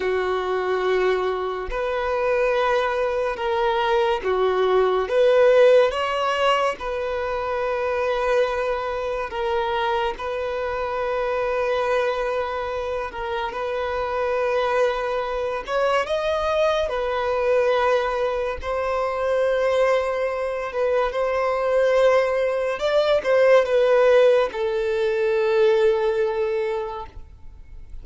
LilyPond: \new Staff \with { instrumentName = "violin" } { \time 4/4 \tempo 4 = 71 fis'2 b'2 | ais'4 fis'4 b'4 cis''4 | b'2. ais'4 | b'2.~ b'8 ais'8 |
b'2~ b'8 cis''8 dis''4 | b'2 c''2~ | c''8 b'8 c''2 d''8 c''8 | b'4 a'2. | }